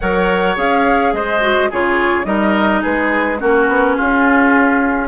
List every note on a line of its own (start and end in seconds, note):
0.00 0.56 F#3
0.00 0.55 A#4
0.00 1.13 C#5
0.00 0.57 F#5
0.55 1.12 C#4
0.55 1.40 G#4
0.55 1.13 F5
1.12 1.69 G#3
1.12 1.70 C5
1.12 1.70 D#5
1.41 1.69 F#4
1.70 2.25 C#3
1.70 2.24 F4
1.70 2.26 G#4
1.70 2.25 C#5
2.24 2.81 G3
2.24 3.37 D#4
2.24 2.81 A#4
2.24 2.81 D#5
2.81 3.42 G#3
2.81 3.38 G#4
2.81 3.39 B4
3.39 3.68 A#3
3.39 5.07 C#4
3.39 3.96 F#4
3.39 3.95 A#4
3.68 3.96 B3
3.95 5.07 C#4
3.95 5.07 F4
3.95 5.07 G#4